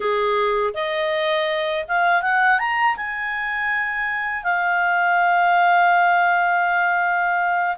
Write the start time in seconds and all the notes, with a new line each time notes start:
0.00 G#4
0.74 D#5
1.88 F5
2.22 F#5
2.59 A#5
2.96 G#5
4.43 F5